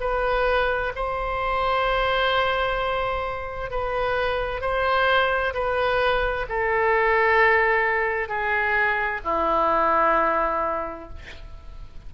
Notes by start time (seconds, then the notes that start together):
0.00 B4
0.95 C5
3.70 B4
4.61 C5
5.53 B4
6.49 A4
8.28 G#4
9.24 E4